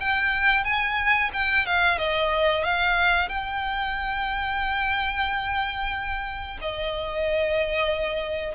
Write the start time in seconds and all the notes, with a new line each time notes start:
0.00 G5
0.64 G#5
1.33 G5
1.66 F5
1.98 D#5
2.64 F5
3.29 G5
6.61 D#5